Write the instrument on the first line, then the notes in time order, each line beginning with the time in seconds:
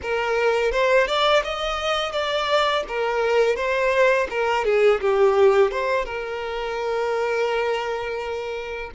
violin
0.02 A#4
0.71 C5
1.07 D5
1.44 D#5
2.12 D5
2.88 A#4
3.56 C5
4.30 A#4
4.64 G#4
5.00 G4
5.71 C5
6.05 A#4